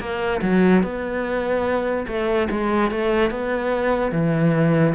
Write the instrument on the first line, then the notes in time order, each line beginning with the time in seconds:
cello
0.00 A#3
0.42 F#3
0.83 B3
2.07 A3
2.51 G#3
2.91 A3
3.31 B3
4.12 E3